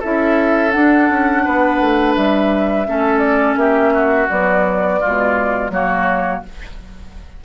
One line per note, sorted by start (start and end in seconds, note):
0.00 0.76 C#4
0.00 0.72 E4
0.00 1.43 A4
0.00 0.72 E5
0.72 2.86 D4
0.72 1.10 D4
0.72 2.14 F#5
1.10 1.46 C#4
1.45 1.81 B3
1.45 2.87 B4
1.81 2.17 A3
2.16 2.88 G3
2.16 3.19 E5
2.86 3.56 A3
2.86 4.29 C#4
2.86 3.60 A4
3.19 3.55 D5
3.56 4.28 A#3
3.56 3.94 G4
3.56 4.29 E5
3.94 5.00 F#4
4.29 5.00 F#3
4.29 5.02 B3
4.29 5.71 D5
5.00 5.71 B2
5.00 5.72 G#3
5.00 5.72 F4
5.71 6.42 F#3
5.71 6.43 A#3
5.71 6.45 F#4
5.71 6.43 C#5